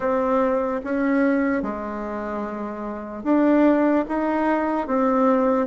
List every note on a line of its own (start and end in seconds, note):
0.00 0.81 C4
0.84 1.62 C#4
1.62 3.23 G#3
3.23 4.04 D4
4.08 4.87 D#4
4.87 5.66 C4